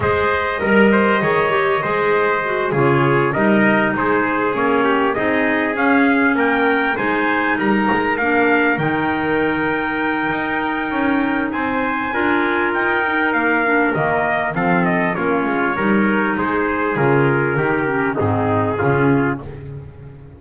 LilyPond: <<
  \new Staff \with { instrumentName = "trumpet" } { \time 4/4 \tempo 4 = 99 dis''1~ | dis''8 cis''4 dis''4 c''4 cis''8~ | cis''8 dis''4 f''4 g''4 gis''8~ | gis''8 ais''4 f''4 g''4.~ |
g''2. gis''4~ | gis''4 g''4 f''4 dis''4 | f''8 dis''8 cis''2 c''4 | ais'2 gis'2 | }
  \new Staff \with { instrumentName = "trumpet" } { \time 4/4 c''4 ais'8 c''8 cis''4 c''4~ | c''8 gis'4 ais'4 gis'4. | g'8 gis'2 ais'4 c''8~ | c''8 ais'2.~ ais'8~ |
ais'2. c''4 | ais'1 | a'4 f'4 ais'4 gis'4~ | gis'4 g'4 dis'4 f'4 | }
  \new Staff \with { instrumentName = "clarinet" } { \time 4/4 gis'4 ais'4 gis'8 g'8 gis'4 | fis'8 f'4 dis'2 cis'8~ | cis'8 dis'4 cis'2 dis'8~ | dis'4. d'4 dis'4.~ |
dis'1 | f'4. dis'4 d'8 ais4 | c'4 cis'4 dis'2 | f'4 dis'8 cis'8 c'4 cis'4 | }
  \new Staff \with { instrumentName = "double bass" } { \time 4/4 gis4 g4 dis4 gis4~ | gis8 cis4 g4 gis4 ais8~ | ais8 c'4 cis'4 ais4 gis8~ | gis8 g8 gis8 ais4 dis4.~ |
dis4 dis'4 cis'4 c'4 | d'4 dis'4 ais4 dis4 | f4 ais8 gis8 g4 gis4 | cis4 dis4 gis,4 cis4 | }
>>